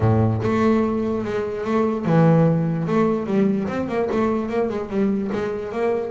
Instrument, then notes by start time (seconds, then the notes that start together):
double bass
0.00 A2
0.42 A3
1.24 G#3
1.64 A3
2.05 E3
2.87 A3
3.26 G3
3.67 C4
3.88 A#3
4.11 A3
4.49 A#3
4.69 G#3
4.89 G3
5.32 G#3
5.72 A#3